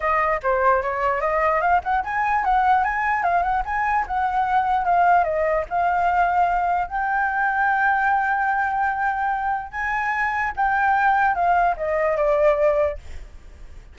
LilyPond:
\new Staff \with { instrumentName = "flute" } { \time 4/4 \tempo 4 = 148 dis''4 c''4 cis''4 dis''4 | f''8 fis''8 gis''4 fis''4 gis''4 | f''8 fis''8 gis''4 fis''2 | f''4 dis''4 f''2~ |
f''4 g''2.~ | g''1 | gis''2 g''2 | f''4 dis''4 d''2 | }